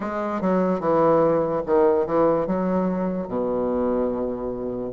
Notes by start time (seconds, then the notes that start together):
0.00 G#3
0.41 F#3
0.80 E3
1.66 D#3
2.06 E3
2.46 F#3
3.28 B2